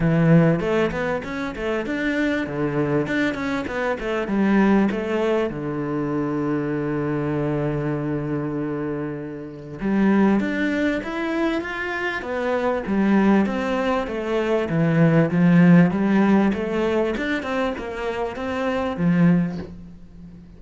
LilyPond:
\new Staff \with { instrumentName = "cello" } { \time 4/4 \tempo 4 = 98 e4 a8 b8 cis'8 a8 d'4 | d4 d'8 cis'8 b8 a8 g4 | a4 d2.~ | d1 |
g4 d'4 e'4 f'4 | b4 g4 c'4 a4 | e4 f4 g4 a4 | d'8 c'8 ais4 c'4 f4 | }